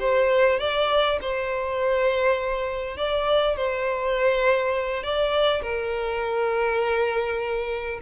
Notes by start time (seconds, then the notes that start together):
0.00 C5
0.60 D5
1.22 C5
2.97 D5
3.57 C5
5.04 D5
5.62 A#4